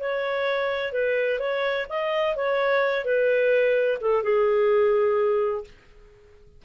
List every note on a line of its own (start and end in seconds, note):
0.00 0.93 C#5
0.93 1.39 B4
1.39 1.86 C#5
1.89 2.36 D#5
2.36 3.05 C#5
3.05 3.99 B4
4.01 4.23 A4
4.23 5.64 G#4